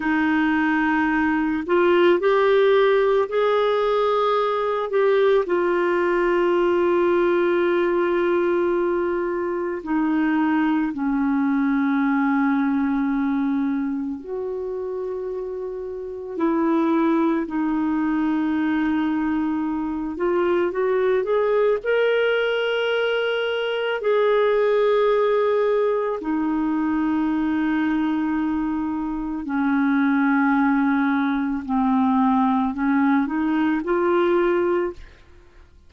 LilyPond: \new Staff \with { instrumentName = "clarinet" } { \time 4/4 \tempo 4 = 55 dis'4. f'8 g'4 gis'4~ | gis'8 g'8 f'2.~ | f'4 dis'4 cis'2~ | cis'4 fis'2 e'4 |
dis'2~ dis'8 f'8 fis'8 gis'8 | ais'2 gis'2 | dis'2. cis'4~ | cis'4 c'4 cis'8 dis'8 f'4 | }